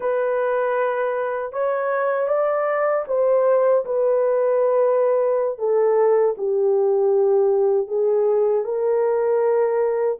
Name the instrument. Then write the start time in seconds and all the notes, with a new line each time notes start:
horn
0.00 B4
1.52 C#5
2.28 D5
3.07 C5
3.85 B4
5.58 A4
6.37 G4
7.87 G#4
8.64 A#4